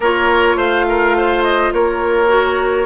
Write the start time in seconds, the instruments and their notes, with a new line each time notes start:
0.00 bassoon A#3, clarinet F4, oboe A#4, flute C#5
0.55 bassoon A3, oboe C5, flute F5
0.88 oboe A#4
1.17 oboe C5
1.43 flute D#5
1.72 bassoon A#3, oboe A#4, flute C#5
2.28 clarinet F#4